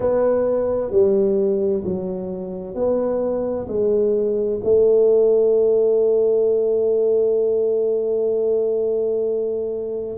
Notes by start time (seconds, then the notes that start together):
0.00 B3
0.91 G3
1.84 F#3
2.74 B3
3.68 G#3
4.63 A3